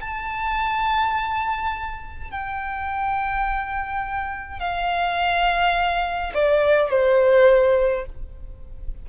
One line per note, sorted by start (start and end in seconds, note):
0.00 2.31 A5
2.31 4.59 G5
4.59 6.33 F5
6.34 6.90 D5
6.90 8.06 C5